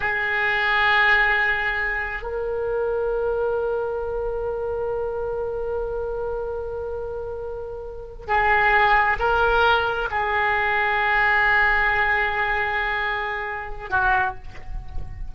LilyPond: \new Staff \with { instrumentName = "oboe" } { \time 4/4 \tempo 4 = 134 gis'1~ | gis'4 ais'2.~ | ais'1~ | ais'1~ |
ais'2~ ais'8 gis'4.~ | gis'8 ais'2 gis'4.~ | gis'1~ | gis'2. fis'4 | }